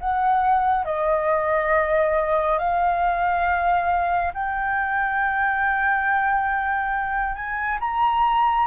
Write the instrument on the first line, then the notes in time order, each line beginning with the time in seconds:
flute
0.00 F#5
0.85 D#5
2.59 F5
4.34 G5
7.36 G#5
7.81 A#5